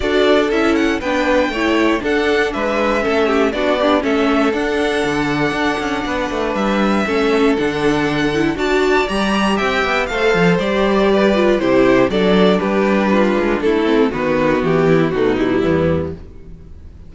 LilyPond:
<<
  \new Staff \with { instrumentName = "violin" } { \time 4/4 \tempo 4 = 119 d''4 e''8 fis''8 g''2 | fis''4 e''2 d''4 | e''4 fis''2.~ | fis''4 e''2 fis''4~ |
fis''4 a''4 ais''4 g''4 | f''4 d''2 c''4 | d''4 b'2 a'4 | b'4 g'4 fis'8 e'4. | }
  \new Staff \with { instrumentName = "violin" } { \time 4/4 a'2 b'4 cis''4 | a'4 b'4 a'8 g'8 fis'8 d'8 | a'1 | b'2 a'2~ |
a'4 d''2 e''4 | c''2 b'4 g'4 | a'4 g'4 f'4 e'4 | fis'4. e'8 dis'4 b4 | }
  \new Staff \with { instrumentName = "viola" } { \time 4/4 fis'4 e'4 d'4 e'4 | d'2 cis'4 d'8 g'8 | cis'4 d'2.~ | d'2 cis'4 d'4~ |
d'8 e'8 fis'4 g'2 | a'4 g'4. f'8 e'4 | d'2.~ d'8 c'8 | b2 a8 g4. | }
  \new Staff \with { instrumentName = "cello" } { \time 4/4 d'4 cis'4 b4 a4 | d'4 gis4 a4 b4 | a4 d'4 d4 d'8 cis'8 | b8 a8 g4 a4 d4~ |
d4 d'4 g4 c'8 b8 | a8 f8 g2 c4 | fis4 g4. gis8 a4 | dis4 e4 b,4 e,4 | }
>>